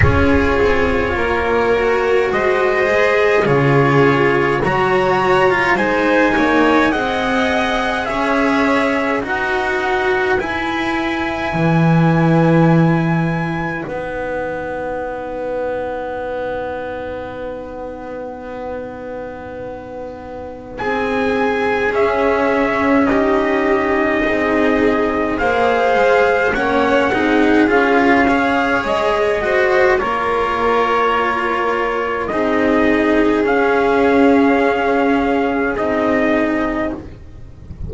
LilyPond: <<
  \new Staff \with { instrumentName = "trumpet" } { \time 4/4 \tempo 4 = 52 cis''2 dis''4 cis''4 | ais''4 gis''4 fis''4 e''4 | fis''4 gis''2. | fis''1~ |
fis''2 gis''4 e''4 | dis''2 f''4 fis''4 | f''4 dis''4 cis''2 | dis''4 f''2 dis''4 | }
  \new Staff \with { instrumentName = "violin" } { \time 4/4 gis'4 ais'4 c''4 gis'4 | cis''4 c''8 cis''8 dis''4 cis''4 | b'1~ | b'1~ |
b'2 gis'2 | g'4 gis'4 c''4 cis''8 gis'8~ | gis'8 cis''4 c''8 ais'2 | gis'1 | }
  \new Staff \with { instrumentName = "cello" } { \time 4/4 f'4. fis'4 gis'8 f'4 | fis'8. f'16 dis'4 gis'2 | fis'4 e'2. | dis'1~ |
dis'2. cis'4 | dis'2 gis'4 cis'8 dis'8 | f'8 gis'4 fis'8 f'2 | dis'4 cis'2 dis'4 | }
  \new Staff \with { instrumentName = "double bass" } { \time 4/4 cis'8 c'8 ais4 gis4 cis4 | fis4 gis8 ais8 c'4 cis'4 | dis'4 e'4 e2 | b1~ |
b2 c'4 cis'4~ | cis'4 c'4 ais8 gis8 ais8 c'8 | cis'4 gis4 ais2 | c'4 cis'2 c'4 | }
>>